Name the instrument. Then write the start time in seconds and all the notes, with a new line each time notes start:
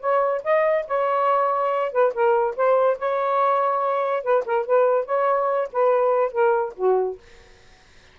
saxophone
0.00 C#5
0.44 D#5
0.87 C#5
1.92 B4
2.14 A#4
2.56 C5
2.98 C#5
4.23 B4
4.46 A#4
4.66 B4
5.06 C#5
5.72 B4
6.32 A#4
6.76 F#4